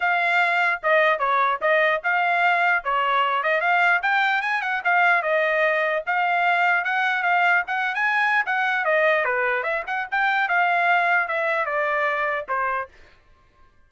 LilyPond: \new Staff \with { instrumentName = "trumpet" } { \time 4/4 \tempo 4 = 149 f''2 dis''4 cis''4 | dis''4 f''2 cis''4~ | cis''8 dis''8 f''4 g''4 gis''8 fis''8 | f''4 dis''2 f''4~ |
f''4 fis''4 f''4 fis''8. gis''16~ | gis''4 fis''4 dis''4 b'4 | e''8 fis''8 g''4 f''2 | e''4 d''2 c''4 | }